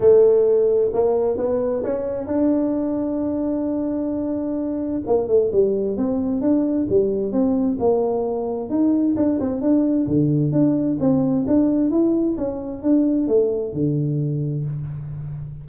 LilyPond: \new Staff \with { instrumentName = "tuba" } { \time 4/4 \tempo 4 = 131 a2 ais4 b4 | cis'4 d'2.~ | d'2. ais8 a8 | g4 c'4 d'4 g4 |
c'4 ais2 dis'4 | d'8 c'8 d'4 d4 d'4 | c'4 d'4 e'4 cis'4 | d'4 a4 d2 | }